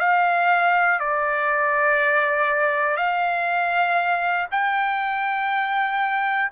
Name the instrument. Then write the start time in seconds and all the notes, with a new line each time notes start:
trumpet
0.00 F5
1.00 D5
2.97 F5
4.52 G5